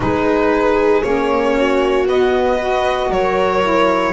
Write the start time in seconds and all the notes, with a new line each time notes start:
0.00 G#3 D#4 G#4 B4
1.03 A#3 C#4 C#5
1.56 F#4
2.06 B3 D#5
2.56 F#4 B4
3.09 F#3 A#4 C#5
3.62 E4